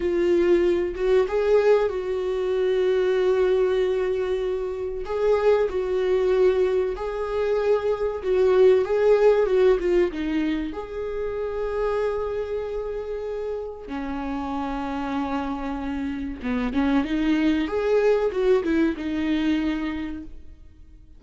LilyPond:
\new Staff \with { instrumentName = "viola" } { \time 4/4 \tempo 4 = 95 f'4. fis'8 gis'4 fis'4~ | fis'1 | gis'4 fis'2 gis'4~ | gis'4 fis'4 gis'4 fis'8 f'8 |
dis'4 gis'2.~ | gis'2 cis'2~ | cis'2 b8 cis'8 dis'4 | gis'4 fis'8 e'8 dis'2 | }